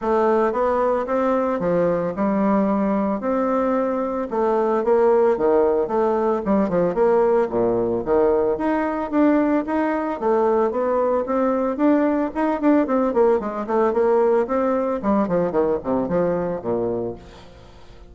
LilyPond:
\new Staff \with { instrumentName = "bassoon" } { \time 4/4 \tempo 4 = 112 a4 b4 c'4 f4 | g2 c'2 | a4 ais4 dis4 a4 | g8 f8 ais4 ais,4 dis4 |
dis'4 d'4 dis'4 a4 | b4 c'4 d'4 dis'8 d'8 | c'8 ais8 gis8 a8 ais4 c'4 | g8 f8 dis8 c8 f4 ais,4 | }